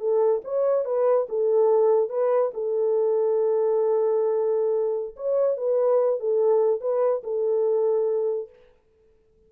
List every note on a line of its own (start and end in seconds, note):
0.00 0.42 A4
0.44 0.85 C#5
0.85 1.27 B4
1.29 2.10 A4
2.10 2.52 B4
2.54 5.16 A4
5.16 5.57 C#5
5.57 6.20 B4
6.20 6.80 A4
6.80 7.22 B4
7.24 8.49 A4